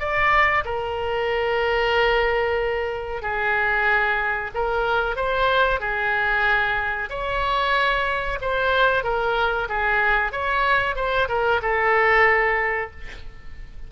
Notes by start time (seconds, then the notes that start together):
0.00 D5
0.65 A#4
3.22 G#4
4.55 A#4
5.16 C5
5.80 G#4
7.10 C#5
8.42 C5
9.04 A#4
9.69 G#4
10.32 C#5
10.96 C5
11.29 A#4
11.62 A4